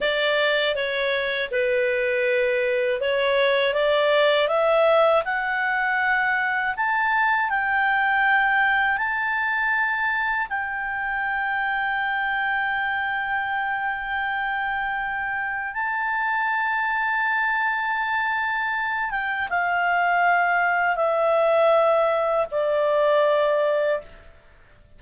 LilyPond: \new Staff \with { instrumentName = "clarinet" } { \time 4/4 \tempo 4 = 80 d''4 cis''4 b'2 | cis''4 d''4 e''4 fis''4~ | fis''4 a''4 g''2 | a''2 g''2~ |
g''1~ | g''4 a''2.~ | a''4. g''8 f''2 | e''2 d''2 | }